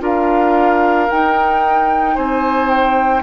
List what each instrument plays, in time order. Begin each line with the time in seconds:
0.00 bassoon D4, clarinet F4, oboe A#4, flute F5
1.10 clarinet D#4, bassoon D#4, flute G5
2.15 bassoon C4, oboe C5, flute G#5
2.70 flute G5